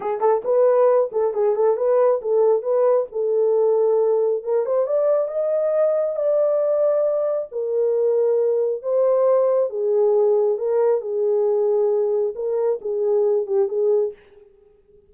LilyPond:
\new Staff \with { instrumentName = "horn" } { \time 4/4 \tempo 4 = 136 gis'8 a'8 b'4. a'8 gis'8 a'8 | b'4 a'4 b'4 a'4~ | a'2 ais'8 c''8 d''4 | dis''2 d''2~ |
d''4 ais'2. | c''2 gis'2 | ais'4 gis'2. | ais'4 gis'4. g'8 gis'4 | }